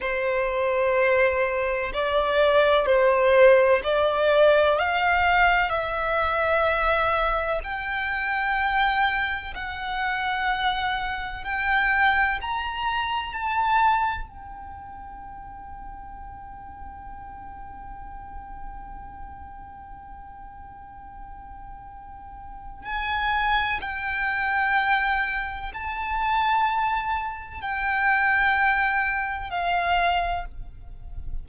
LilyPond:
\new Staff \with { instrumentName = "violin" } { \time 4/4 \tempo 4 = 63 c''2 d''4 c''4 | d''4 f''4 e''2 | g''2 fis''2 | g''4 ais''4 a''4 g''4~ |
g''1~ | g''1 | gis''4 g''2 a''4~ | a''4 g''2 f''4 | }